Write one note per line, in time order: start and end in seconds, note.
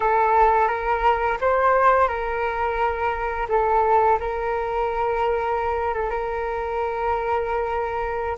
0.00 0.68 A4
0.68 1.37 A#4
1.40 2.07 C5
2.07 3.47 A#4
3.49 4.18 A4
4.19 5.94 A#4
5.94 6.10 A4
6.10 8.36 A#4